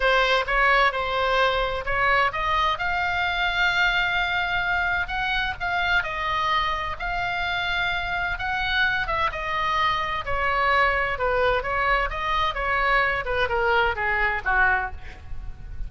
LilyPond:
\new Staff \with { instrumentName = "oboe" } { \time 4/4 \tempo 4 = 129 c''4 cis''4 c''2 | cis''4 dis''4 f''2~ | f''2. fis''4 | f''4 dis''2 f''4~ |
f''2 fis''4. e''8 | dis''2 cis''2 | b'4 cis''4 dis''4 cis''4~ | cis''8 b'8 ais'4 gis'4 fis'4 | }